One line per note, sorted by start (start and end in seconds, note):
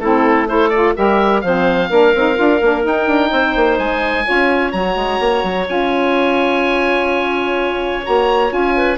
0.00 0.94 A3
0.00 0.48 C4
0.00 0.49 E4
0.00 0.48 A4
0.48 0.72 E4
0.48 0.96 A4
0.48 0.69 C5
0.69 0.96 F4
0.69 0.93 D5
0.96 1.44 G3
0.96 1.43 G4
0.96 1.44 A#4
0.96 1.41 E5
1.41 1.90 F3
1.41 1.91 C4
1.41 1.90 C5
1.41 2.83 F5
1.90 2.14 A#3
1.90 2.15 D4
1.90 3.31 A#4
2.15 2.39 C4
2.15 2.35 D#4
2.35 2.62 D4
2.35 2.59 F4
2.62 2.85 A#3
2.62 2.84 D4
2.84 4.25 D#4
2.84 3.07 D#4
2.84 3.79 G5
3.07 3.31 D4
3.31 3.56 C4
3.31 4.25 C5
3.56 3.79 A#3
3.79 4.26 G#3
3.79 4.72 G#5
4.25 4.73 C#4
4.25 4.72 F4
4.25 8.76 C#5
4.72 4.96 F#3
4.72 5.67 F#4
4.72 5.67 A#5
4.96 5.20 G#3
5.20 5.44 A#3
5.44 5.67 F#3
5.67 8.05 C#4
5.67 8.03 F4
5.67 8.06 G#5
8.03 8.52 A#3
8.03 8.49 F#4
8.03 8.53 A#5
8.49 8.98 C#4
8.49 8.97 F4
8.49 8.98 G#5
8.77 8.98 B4